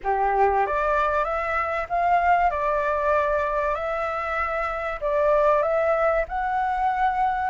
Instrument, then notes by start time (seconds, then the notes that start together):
flute
0.03 G4
0.66 D5
1.24 E5
1.89 F5
2.50 D5
3.74 E5
5.00 D5
5.62 E5
6.28 F#5